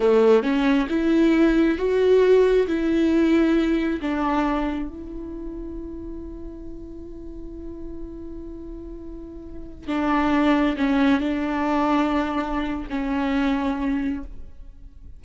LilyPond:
\new Staff \with { instrumentName = "viola" } { \time 4/4 \tempo 4 = 135 a4 cis'4 e'2 | fis'2 e'2~ | e'4 d'2 e'4~ | e'1~ |
e'1~ | e'2~ e'16 d'4.~ d'16~ | d'16 cis'4 d'2~ d'8.~ | d'4 cis'2. | }